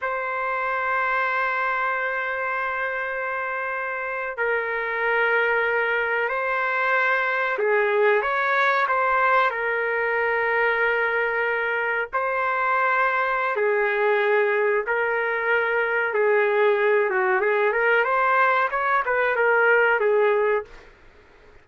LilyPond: \new Staff \with { instrumentName = "trumpet" } { \time 4/4 \tempo 4 = 93 c''1~ | c''2~ c''8. ais'4~ ais'16~ | ais'4.~ ais'16 c''2 gis'16~ | gis'8. cis''4 c''4 ais'4~ ais'16~ |
ais'2~ ais'8. c''4~ c''16~ | c''4 gis'2 ais'4~ | ais'4 gis'4. fis'8 gis'8 ais'8 | c''4 cis''8 b'8 ais'4 gis'4 | }